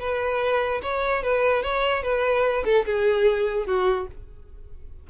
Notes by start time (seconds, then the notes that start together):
0.00 B4
0.83 C#5
1.23 B4
1.63 C#5
2.03 B4
2.65 A4
2.86 G#4
3.67 F#4